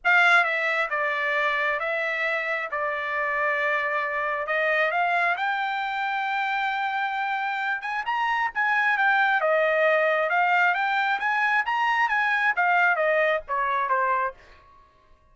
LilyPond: \new Staff \with { instrumentName = "trumpet" } { \time 4/4 \tempo 4 = 134 f''4 e''4 d''2 | e''2 d''2~ | d''2 dis''4 f''4 | g''1~ |
g''4. gis''8 ais''4 gis''4 | g''4 dis''2 f''4 | g''4 gis''4 ais''4 gis''4 | f''4 dis''4 cis''4 c''4 | }